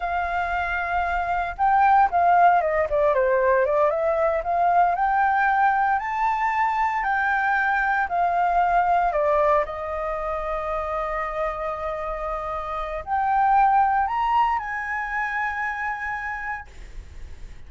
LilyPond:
\new Staff \with { instrumentName = "flute" } { \time 4/4 \tempo 4 = 115 f''2. g''4 | f''4 dis''8 d''8 c''4 d''8 e''8~ | e''8 f''4 g''2 a''8~ | a''4. g''2 f''8~ |
f''4. d''4 dis''4.~ | dis''1~ | dis''4 g''2 ais''4 | gis''1 | }